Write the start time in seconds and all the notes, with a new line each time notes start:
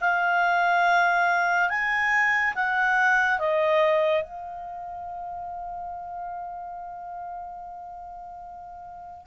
0.00 F5
1.69 G#5
2.54 F#5
3.39 D#5
4.23 F5